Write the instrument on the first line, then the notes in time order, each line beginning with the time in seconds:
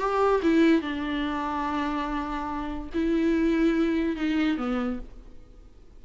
viola
0.00 G4
0.43 E4
0.82 D4
2.94 E4
4.16 D#4
4.58 B3